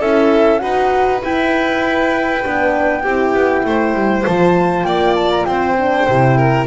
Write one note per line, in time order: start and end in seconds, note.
0.00 0.61 C#4
0.00 0.59 E4
0.00 0.61 A4
0.00 0.59 E5
0.59 1.23 D#4
0.59 1.20 F#4
0.59 3.02 B4
0.59 1.19 F#5
1.21 2.43 E4
1.21 2.44 E4
1.21 4.25 G5
2.44 3.05 B3
2.44 3.04 D4
3.02 3.34 C4
3.02 4.25 E4
3.02 3.62 G4
3.34 3.64 B3
3.65 3.94 A3
3.65 4.86 C5
3.94 4.24 G3
4.25 4.84 F3
4.25 5.77 F4
4.25 4.83 A5
4.83 5.45 A#3
4.83 5.46 D5
4.83 5.14 G5
5.15 5.30 A5
5.31 5.45 A#5
5.45 6.06 C4
5.45 6.37 C5
5.45 6.66 G5
5.77 6.08 D4
6.08 6.67 C3
6.08 6.67 E4
6.37 6.67 A#4